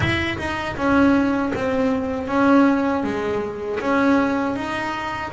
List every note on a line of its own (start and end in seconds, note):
0.00 0.37 E4
0.38 0.76 D#4
0.76 1.52 C#4
1.54 2.27 C4
2.27 3.03 C#4
3.03 3.79 G#3
3.80 4.56 C#4
4.56 5.32 D#4